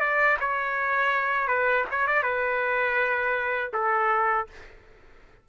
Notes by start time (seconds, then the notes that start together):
0.00 D5
0.39 C#5
1.47 B4
1.91 C#5
2.07 D5
2.23 B4
3.73 A4